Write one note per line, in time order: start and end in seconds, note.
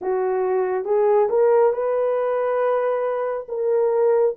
0.01 0.85 F#4
0.85 1.28 G#4
1.29 1.72 A#4
1.72 3.46 B4
3.48 4.35 A#4